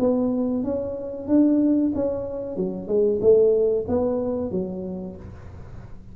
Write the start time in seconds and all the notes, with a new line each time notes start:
0.00 B3
0.64 C#4
1.28 D4
1.95 C#4
2.57 F#3
2.88 G#3
3.22 A3
3.88 B3
4.52 F#3